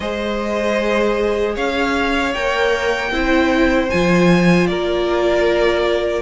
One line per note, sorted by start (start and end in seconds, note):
0.00 1.55 G#3
0.00 2.34 G#4
0.00 1.55 C5
0.00 1.56 D#5
1.55 2.34 C#4
1.55 3.11 C#5
1.55 2.34 F5
2.34 3.11 A#3
2.34 3.12 A#4
2.34 3.89 G5
3.11 3.89 C4
3.11 3.89 E4
3.11 4.69 C5
3.89 4.68 F3
3.89 6.22 F4
3.89 4.67 G#5
4.67 6.22 A#3
4.67 6.22 A#4
4.67 6.22 D5